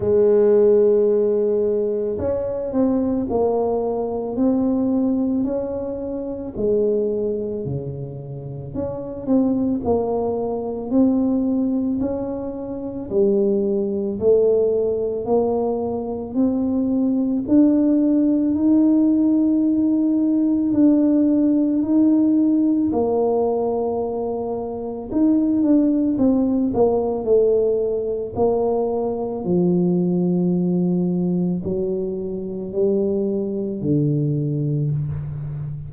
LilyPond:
\new Staff \with { instrumentName = "tuba" } { \time 4/4 \tempo 4 = 55 gis2 cis'8 c'8 ais4 | c'4 cis'4 gis4 cis4 | cis'8 c'8 ais4 c'4 cis'4 | g4 a4 ais4 c'4 |
d'4 dis'2 d'4 | dis'4 ais2 dis'8 d'8 | c'8 ais8 a4 ais4 f4~ | f4 fis4 g4 d4 | }